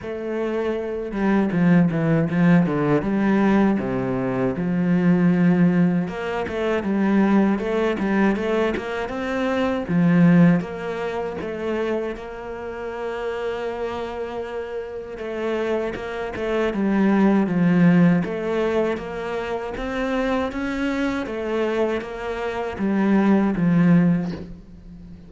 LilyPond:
\new Staff \with { instrumentName = "cello" } { \time 4/4 \tempo 4 = 79 a4. g8 f8 e8 f8 d8 | g4 c4 f2 | ais8 a8 g4 a8 g8 a8 ais8 | c'4 f4 ais4 a4 |
ais1 | a4 ais8 a8 g4 f4 | a4 ais4 c'4 cis'4 | a4 ais4 g4 f4 | }